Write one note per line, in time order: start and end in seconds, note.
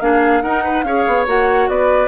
0.00 0.42 A#3
0.00 0.43 D4
0.00 0.43 G#4
0.00 0.42 F5
0.42 0.83 D#4
0.42 0.85 D#4
0.42 0.63 A#4
0.42 0.83 F#5
0.63 0.84 B4
0.83 1.04 C#4
0.83 1.26 G#4
0.83 1.69 C#5
0.83 1.25 F5
1.07 1.26 B3
1.26 1.68 A#3
1.26 2.08 F#4
1.26 1.69 F#5
1.68 2.08 B3
1.68 2.08 B4
1.68 2.08 D5